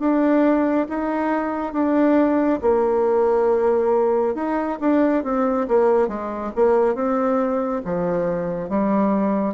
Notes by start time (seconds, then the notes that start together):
0.00 D4
0.89 D#4
1.73 D4
2.62 A#3
4.35 D#4
4.81 D4
5.24 C4
5.68 A#3
6.09 G#3
6.56 A#3
6.95 C4
7.85 F3
8.70 G3